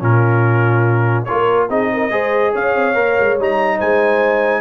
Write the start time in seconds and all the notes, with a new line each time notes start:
0.00 A#2 C#4 F4 A#4
1.25 F4 A#4 C#5
1.32 A#3
1.70 C4 D#4 G#4 D#5
1.94 A#4
2.11 G#3 G#4 C5
2.53 C#4 C#5 F5
2.75 C4
2.95 A#3 A#4
3.20 G#3
3.39 G3 D#4 A#5
3.77 G#3 C5 G#5